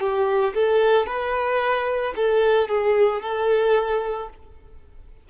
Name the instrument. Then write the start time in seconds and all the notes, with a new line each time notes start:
violin
0.00 G4
0.54 A4
1.06 B4
2.15 A4
2.68 G#4
3.21 A4